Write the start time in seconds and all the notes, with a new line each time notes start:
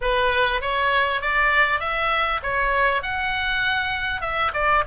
0.01 B4
0.61 C#5
1.21 D5
1.80 E5
2.42 C#5
3.02 F#5
4.21 E5
4.53 D5